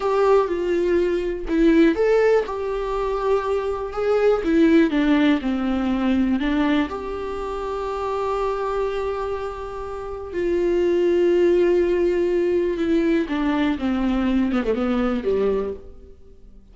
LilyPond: \new Staff \with { instrumentName = "viola" } { \time 4/4 \tempo 4 = 122 g'4 f'2 e'4 | a'4 g'2. | gis'4 e'4 d'4 c'4~ | c'4 d'4 g'2~ |
g'1~ | g'4 f'2.~ | f'2 e'4 d'4 | c'4. b16 a16 b4 g4 | }